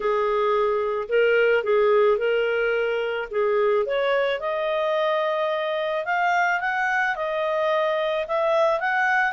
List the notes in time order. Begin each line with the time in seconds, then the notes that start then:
0.00 G#4
1.08 A#4
1.63 G#4
2.18 A#4
3.31 G#4
3.86 C#5
4.40 D#5
6.05 F5
6.60 F#5
7.15 D#5
8.27 E5
8.79 F#5